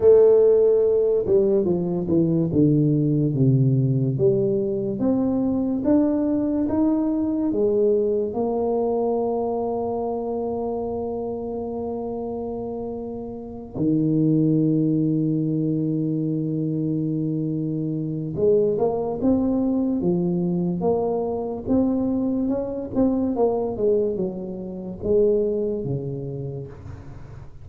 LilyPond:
\new Staff \with { instrumentName = "tuba" } { \time 4/4 \tempo 4 = 72 a4. g8 f8 e8 d4 | c4 g4 c'4 d'4 | dis'4 gis4 ais2~ | ais1~ |
ais8 dis2.~ dis8~ | dis2 gis8 ais8 c'4 | f4 ais4 c'4 cis'8 c'8 | ais8 gis8 fis4 gis4 cis4 | }